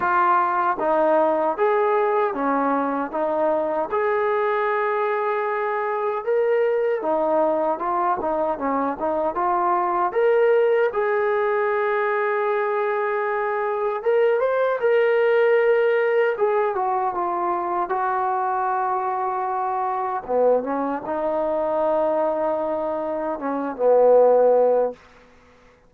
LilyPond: \new Staff \with { instrumentName = "trombone" } { \time 4/4 \tempo 4 = 77 f'4 dis'4 gis'4 cis'4 | dis'4 gis'2. | ais'4 dis'4 f'8 dis'8 cis'8 dis'8 | f'4 ais'4 gis'2~ |
gis'2 ais'8 c''8 ais'4~ | ais'4 gis'8 fis'8 f'4 fis'4~ | fis'2 b8 cis'8 dis'4~ | dis'2 cis'8 b4. | }